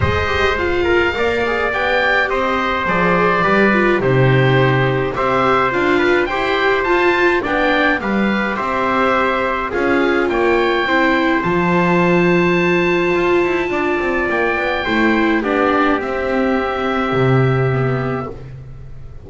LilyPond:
<<
  \new Staff \with { instrumentName = "oboe" } { \time 4/4 \tempo 4 = 105 dis''4 f''2 g''4 | dis''4 d''2 c''4~ | c''4 e''4 f''4 g''4 | a''4 g''4 f''4 e''4~ |
e''4 f''4 g''2 | a''1~ | a''4 g''2 d''4 | e''1 | }
  \new Staff \with { instrumentName = "trumpet" } { \time 4/4 c''4. ais'8 d''2 | c''2 b'4 g'4~ | g'4 c''4. b'8 c''4~ | c''4 d''4 b'4 c''4~ |
c''4 gis'4 cis''4 c''4~ | c''1 | d''2 c''4 g'4~ | g'1 | }
  \new Staff \with { instrumentName = "viola" } { \time 4/4 gis'8 g'8 f'4 ais'8 gis'8 g'4~ | g'4 gis'4 g'8 f'8 dis'4~ | dis'4 g'4 f'4 g'4 | f'4 d'4 g'2~ |
g'4 f'2 e'4 | f'1~ | f'2 e'4 d'4 | c'2. b4 | }
  \new Staff \with { instrumentName = "double bass" } { \time 4/4 gis2 ais4 b4 | c'4 f4 g4 c4~ | c4 c'4 d'4 e'4 | f'4 b4 g4 c'4~ |
c'4 cis'4 ais4 c'4 | f2. f'8 e'8 | d'8 c'8 ais8 b8 a4 b4 | c'2 c2 | }
>>